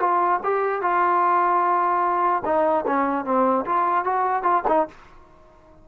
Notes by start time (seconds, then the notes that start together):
0.00 F4
0.43 G4
0.82 F4
2.45 D#4
2.87 C#4
3.25 C4
3.66 F4
4.05 F#4
4.43 F4
4.68 D#4